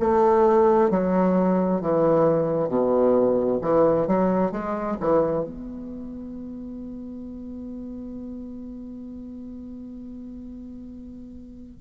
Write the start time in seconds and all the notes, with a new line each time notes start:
0.00 A3
0.90 F#3
1.81 E3
2.69 B2
3.62 E3
4.08 F#3
4.52 G#3
5.01 E3
5.45 B3